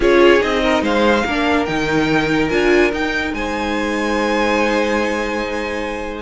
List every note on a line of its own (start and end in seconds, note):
0.00 0.41 C#4
0.00 0.39 F4
0.00 0.62 G#4
0.00 0.42 C#5
0.39 0.81 C4
0.39 1.23 D#4
0.39 0.83 D#5
0.62 0.82 A#4
0.81 1.23 G#3
0.81 1.24 C5
0.81 1.65 F5
1.25 1.67 A#3
1.25 1.67 D4
1.25 3.34 A#4
1.65 2.50 D#3
1.65 2.50 D#4
1.65 2.48 G5
2.49 2.92 D4
2.49 2.92 F4
2.49 2.91 G#5
2.92 3.33 D#4
2.92 6.21 D#4
2.92 3.34 G5
3.33 6.21 G#3
3.33 6.21 C5
3.33 6.21 G#5